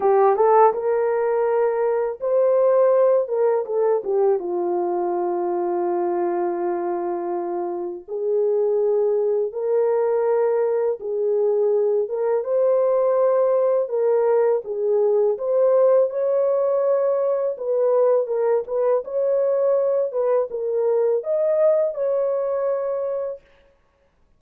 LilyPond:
\new Staff \with { instrumentName = "horn" } { \time 4/4 \tempo 4 = 82 g'8 a'8 ais'2 c''4~ | c''8 ais'8 a'8 g'8 f'2~ | f'2. gis'4~ | gis'4 ais'2 gis'4~ |
gis'8 ais'8 c''2 ais'4 | gis'4 c''4 cis''2 | b'4 ais'8 b'8 cis''4. b'8 | ais'4 dis''4 cis''2 | }